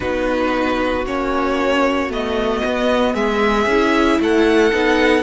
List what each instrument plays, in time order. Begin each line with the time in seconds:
0.00 cello B3, viola D#4, violin F#4 B4
1.05 cello A#3, viola C#4, violin C#5
2.09 cello A3, viola B3, violin D#5
2.65 cello B3
3.14 cello G#3, violin G#4 E5
3.66 cello C#4, viola E4
4.19 cello A3, violin A4 F#5
4.72 cello B3, viola D#4